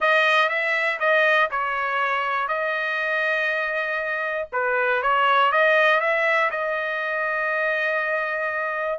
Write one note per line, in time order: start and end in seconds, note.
0.00 0.49 D#5
0.49 0.99 E5
0.99 1.49 D#5
1.50 2.48 C#5
2.48 4.48 D#5
4.52 5.02 B4
5.02 5.52 C#5
5.52 6.00 D#5
6.00 6.50 E5
6.50 8.99 D#5